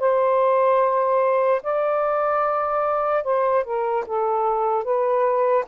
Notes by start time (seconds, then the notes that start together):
0.00 C5
1.63 D5
3.24 C5
3.64 A#4
4.07 A4
4.84 B4